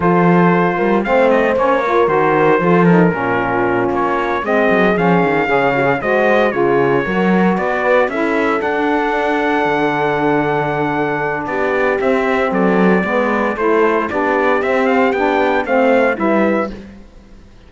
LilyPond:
<<
  \new Staff \with { instrumentName = "trumpet" } { \time 4/4 \tempo 4 = 115 c''2 f''8 dis''8 cis''4 | c''4. ais'2 cis''8~ | cis''8 dis''4 f''2 dis''8~ | dis''8 cis''2 d''4 e''8~ |
e''8 fis''2.~ fis''8~ | fis''2 d''4 e''4 | d''2 c''4 d''4 | e''8 f''8 g''4 f''4 e''4 | }
  \new Staff \with { instrumentName = "horn" } { \time 4/4 a'4. ais'8 c''4. ais'8~ | ais'4 a'4 f'2~ | f'8 gis'2 cis''4 c''8~ | c''8 gis'4 ais'4 b'4 a'8~ |
a'1~ | a'2 g'2 | a'4 b'4 a'4 g'4~ | g'2 c''4 b'4 | }
  \new Staff \with { instrumentName = "saxophone" } { \time 4/4 f'2 c'4 cis'8 f'8 | fis'4 f'8 dis'8 cis'2~ | cis'8 c'4 cis'4 gis'8 fis'16 gis'16 fis'8~ | fis'8 f'4 fis'2 e'8~ |
e'8 d'2.~ d'8~ | d'2. c'4~ | c'4 b4 e'4 d'4 | c'4 d'4 c'4 e'4 | }
  \new Staff \with { instrumentName = "cello" } { \time 4/4 f4. g8 a4 ais4 | dis4 f4 ais,4. ais8~ | ais8 gis8 fis8 f8 dis8 cis4 gis8~ | gis8 cis4 fis4 b4 cis'8~ |
cis'8 d'2 d4.~ | d2 b4 c'4 | fis4 gis4 a4 b4 | c'4 b4 a4 g4 | }
>>